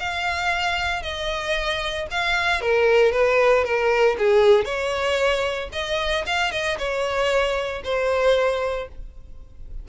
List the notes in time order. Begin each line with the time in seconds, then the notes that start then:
0.00 F5
1.03 D#5
2.11 F5
2.61 A#4
3.12 B4
3.65 A#4
4.19 G#4
4.65 C#5
5.73 D#5
6.27 F5
6.52 D#5
6.78 C#5
7.84 C5